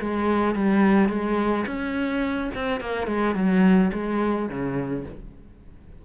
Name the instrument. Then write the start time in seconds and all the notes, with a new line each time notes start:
cello
0.00 G#3
0.55 G3
1.09 G#3
1.66 C#4
2.55 C4
2.80 A#3
3.07 G#3
3.35 F#3
3.93 G#3
4.49 C#3